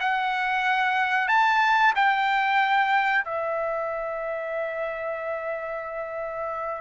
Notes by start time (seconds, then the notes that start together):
0.00 F#5
1.28 A5
1.96 G5
3.25 E5